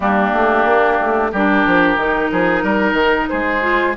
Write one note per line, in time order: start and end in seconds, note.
0.00 0.32 G3
0.00 1.31 A#3
0.00 1.31 D4
0.00 1.31 G4
0.33 0.65 A3
0.65 0.98 A#3
1.01 1.33 A3
1.31 1.66 G3
1.31 1.98 D4
1.31 2.30 G4
1.31 3.28 A#4
1.66 1.96 F3
1.96 2.29 D#3
1.96 3.61 D#4
2.31 2.63 F3
2.31 2.63 G#4
2.63 2.92 G3
2.63 3.29 A#4
2.92 3.25 D#3
3.28 3.96 G#3
3.28 3.95 G#4
3.28 3.94 C5
3.61 3.94 F4